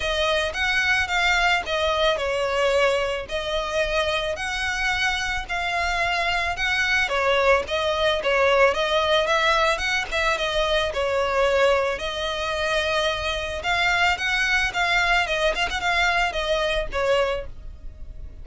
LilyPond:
\new Staff \with { instrumentName = "violin" } { \time 4/4 \tempo 4 = 110 dis''4 fis''4 f''4 dis''4 | cis''2 dis''2 | fis''2 f''2 | fis''4 cis''4 dis''4 cis''4 |
dis''4 e''4 fis''8 e''8 dis''4 | cis''2 dis''2~ | dis''4 f''4 fis''4 f''4 | dis''8 f''16 fis''16 f''4 dis''4 cis''4 | }